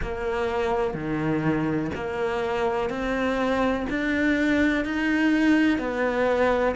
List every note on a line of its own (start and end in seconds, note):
0.02 0.94 A#3
0.94 1.90 D#3
1.94 2.89 A#3
2.89 3.86 C4
3.89 4.84 D4
4.84 5.78 D#4
5.78 6.75 B3